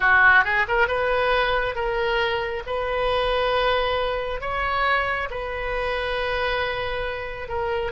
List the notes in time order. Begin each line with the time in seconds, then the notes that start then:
0.00 F#4
0.44 G#4
0.68 A#4
0.87 B4
1.75 A#4
2.66 B4
4.40 C#5
5.30 B4
7.48 A#4